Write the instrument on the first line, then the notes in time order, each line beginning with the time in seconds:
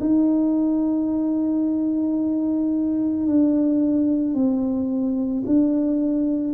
tuba
0.00 D#4
3.27 D4
4.34 C4
5.46 D4